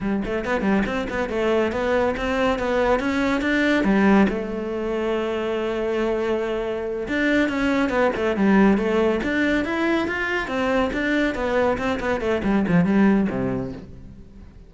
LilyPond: \new Staff \with { instrumentName = "cello" } { \time 4/4 \tempo 4 = 140 g8 a8 b8 g8 c'8 b8 a4 | b4 c'4 b4 cis'4 | d'4 g4 a2~ | a1~ |
a8 d'4 cis'4 b8 a8 g8~ | g8 a4 d'4 e'4 f'8~ | f'8 c'4 d'4 b4 c'8 | b8 a8 g8 f8 g4 c4 | }